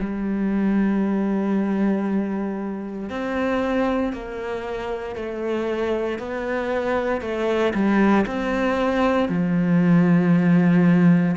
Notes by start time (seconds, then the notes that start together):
0.00 G3
3.09 C4
4.12 A#3
5.15 A3
6.19 B3
7.21 A3
7.74 G3
8.26 C4
9.29 F3